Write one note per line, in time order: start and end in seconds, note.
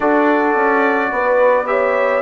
0.00 0.55 D4
0.00 1.66 F#4
0.00 1.11 A4
0.00 1.66 D5
0.55 1.10 C#4
1.11 2.22 B3
1.11 1.68 B4
1.66 2.21 G4
1.66 2.22 C#5
1.66 2.22 E5